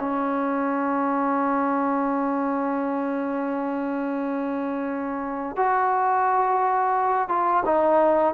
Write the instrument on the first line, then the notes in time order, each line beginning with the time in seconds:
trombone
0.00 C#4
5.57 F#4
7.29 F4
7.66 D#4